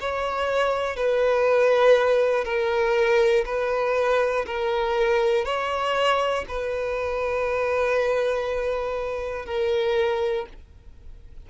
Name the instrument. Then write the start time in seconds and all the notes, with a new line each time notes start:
violin
0.00 C#5
0.96 B4
2.45 A#4
3.45 B4
4.46 A#4
5.45 C#5
6.48 B4
9.46 A#4